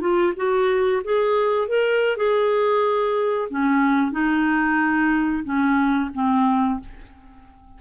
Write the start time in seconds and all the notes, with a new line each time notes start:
0.00 F4
0.36 F#4
1.04 G#4
1.68 A#4
2.16 G#4
3.50 C#4
4.11 D#4
5.44 C#4
6.13 C4